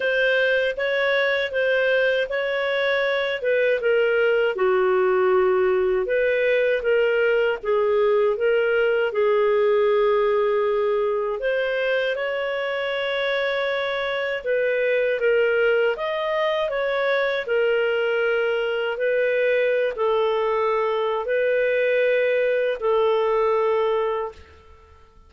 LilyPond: \new Staff \with { instrumentName = "clarinet" } { \time 4/4 \tempo 4 = 79 c''4 cis''4 c''4 cis''4~ | cis''8 b'8 ais'4 fis'2 | b'4 ais'4 gis'4 ais'4 | gis'2. c''4 |
cis''2. b'4 | ais'4 dis''4 cis''4 ais'4~ | ais'4 b'4~ b'16 a'4.~ a'16 | b'2 a'2 | }